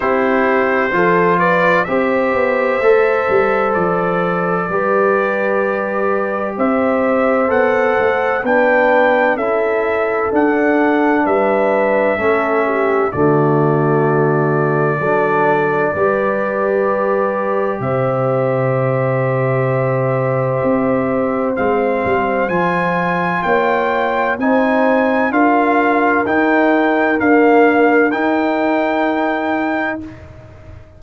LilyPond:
<<
  \new Staff \with { instrumentName = "trumpet" } { \time 4/4 \tempo 4 = 64 c''4. d''8 e''2 | d''2. e''4 | fis''4 g''4 e''4 fis''4 | e''2 d''2~ |
d''2. e''4~ | e''2. f''4 | gis''4 g''4 gis''4 f''4 | g''4 f''4 g''2 | }
  \new Staff \with { instrumentName = "horn" } { \time 4/4 g'4 a'8 b'8 c''2~ | c''4 b'2 c''4~ | c''4 b'4 a'2 | b'4 a'8 g'8 fis'2 |
a'4 b'2 c''4~ | c''1~ | c''4 cis''4 c''4 ais'4~ | ais'1 | }
  \new Staff \with { instrumentName = "trombone" } { \time 4/4 e'4 f'4 g'4 a'4~ | a'4 g'2. | a'4 d'4 e'4 d'4~ | d'4 cis'4 a2 |
d'4 g'2.~ | g'2. c'4 | f'2 dis'4 f'4 | dis'4 ais4 dis'2 | }
  \new Staff \with { instrumentName = "tuba" } { \time 4/4 c'4 f4 c'8 b8 a8 g8 | f4 g2 c'4 | b8 a8 b4 cis'4 d'4 | g4 a4 d2 |
fis4 g2 c4~ | c2 c'4 gis8 g8 | f4 ais4 c'4 d'4 | dis'4 d'4 dis'2 | }
>>